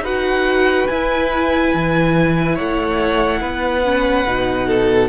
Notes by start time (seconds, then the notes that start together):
0.00 D#4 F#4 B4 F#5
0.87 E4 G#5
1.74 E3
2.55 A3 C#5 F#5
3.41 B3 B4
3.84 C#4
4.26 B2 D#4
4.67 A4